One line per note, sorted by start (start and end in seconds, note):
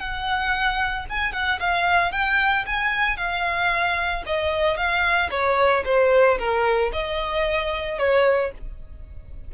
0.00 1.06 F#5
1.10 1.33 G#5
1.33 1.60 F#5
1.60 2.12 F5
2.12 2.65 G5
2.67 3.17 G#5
3.17 4.24 F5
4.26 4.77 D#5
4.77 5.30 F5
5.31 5.84 C#5
5.85 6.38 C5
6.39 6.92 A#4
6.93 7.99 D#5
7.99 8.52 C#5